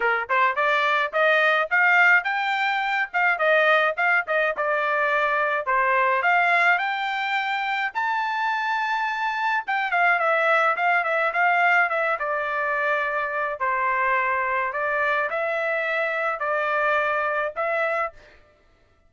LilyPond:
\new Staff \with { instrumentName = "trumpet" } { \time 4/4 \tempo 4 = 106 ais'8 c''8 d''4 dis''4 f''4 | g''4. f''8 dis''4 f''8 dis''8 | d''2 c''4 f''4 | g''2 a''2~ |
a''4 g''8 f''8 e''4 f''8 e''8 | f''4 e''8 d''2~ d''8 | c''2 d''4 e''4~ | e''4 d''2 e''4 | }